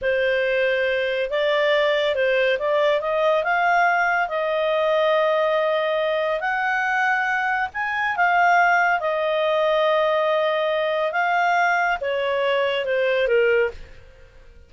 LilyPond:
\new Staff \with { instrumentName = "clarinet" } { \time 4/4 \tempo 4 = 140 c''2. d''4~ | d''4 c''4 d''4 dis''4 | f''2 dis''2~ | dis''2. fis''4~ |
fis''2 gis''4 f''4~ | f''4 dis''2.~ | dis''2 f''2 | cis''2 c''4 ais'4 | }